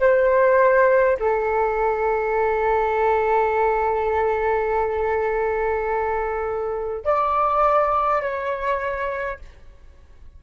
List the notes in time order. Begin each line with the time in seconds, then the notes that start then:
0.00 C5
1.20 A4
7.05 D5
8.21 C#5